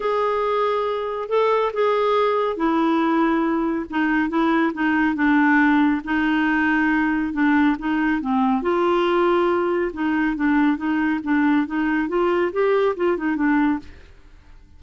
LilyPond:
\new Staff \with { instrumentName = "clarinet" } { \time 4/4 \tempo 4 = 139 gis'2. a'4 | gis'2 e'2~ | e'4 dis'4 e'4 dis'4 | d'2 dis'2~ |
dis'4 d'4 dis'4 c'4 | f'2. dis'4 | d'4 dis'4 d'4 dis'4 | f'4 g'4 f'8 dis'8 d'4 | }